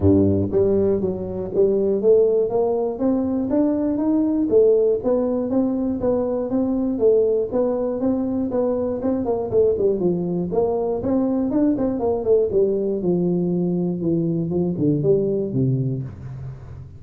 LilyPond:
\new Staff \with { instrumentName = "tuba" } { \time 4/4 \tempo 4 = 120 g,4 g4 fis4 g4 | a4 ais4 c'4 d'4 | dis'4 a4 b4 c'4 | b4 c'4 a4 b4 |
c'4 b4 c'8 ais8 a8 g8 | f4 ais4 c'4 d'8 c'8 | ais8 a8 g4 f2 | e4 f8 d8 g4 c4 | }